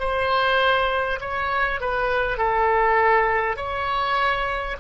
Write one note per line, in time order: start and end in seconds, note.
0.00 1.20 C5
1.21 1.81 C#5
1.81 2.38 B4
2.38 3.57 A4
3.57 4.77 C#5